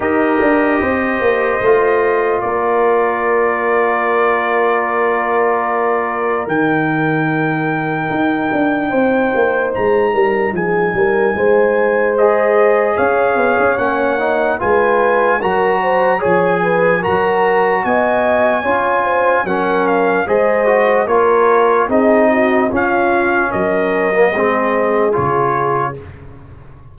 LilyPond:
<<
  \new Staff \with { instrumentName = "trumpet" } { \time 4/4 \tempo 4 = 74 dis''2. d''4~ | d''1 | g''1 | ais''4 gis''2 dis''4 |
f''4 fis''4 gis''4 ais''4 | gis''4 ais''4 gis''2 | fis''8 f''8 dis''4 cis''4 dis''4 | f''4 dis''2 cis''4 | }
  \new Staff \with { instrumentName = "horn" } { \time 4/4 ais'4 c''2 ais'4~ | ais'1~ | ais'2. c''4~ | c''8 ais'8 gis'8 ais'8 c''2 |
cis''2 b'4 ais'8 c''8 | cis''8 b'8 ais'4 dis''4 cis''8 c''8 | ais'4 c''4 ais'4 gis'8 fis'8 | f'4 ais'4 gis'2 | }
  \new Staff \with { instrumentName = "trombone" } { \time 4/4 g'2 f'2~ | f'1 | dis'1~ | dis'2. gis'4~ |
gis'4 cis'8 dis'8 f'4 fis'4 | gis'4 fis'2 f'4 | cis'4 gis'8 fis'8 f'4 dis'4 | cis'4.~ cis'16 ais16 c'4 f'4 | }
  \new Staff \with { instrumentName = "tuba" } { \time 4/4 dis'8 d'8 c'8 ais8 a4 ais4~ | ais1 | dis2 dis'8 d'8 c'8 ais8 | gis8 g8 f8 g8 gis2 |
cis'8 b16 cis'16 ais4 gis4 fis4 | f4 fis4 b4 cis'4 | fis4 gis4 ais4 c'4 | cis'4 fis4 gis4 cis4 | }
>>